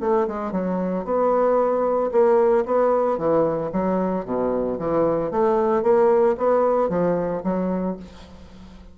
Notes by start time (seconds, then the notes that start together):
0.00 A3
0.27 G#3
0.51 F#3
1.04 B3
2.11 A#3
2.65 B3
3.17 E3
3.72 F#3
4.25 B2
4.78 E3
5.31 A3
5.82 A#3
6.37 B3
6.89 F3
7.43 F#3